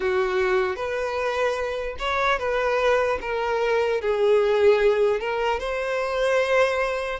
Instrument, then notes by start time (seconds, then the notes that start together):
violin
0.00 F#4
0.76 B4
1.98 C#5
2.39 B4
3.21 A#4
4.01 G#4
5.20 A#4
5.59 C5